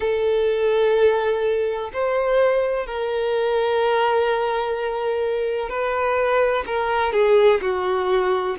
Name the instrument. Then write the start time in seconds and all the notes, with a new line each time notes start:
violin
0.00 A4
1.93 C5
2.86 A#4
5.69 B4
6.66 A#4
7.12 G#4
7.61 F#4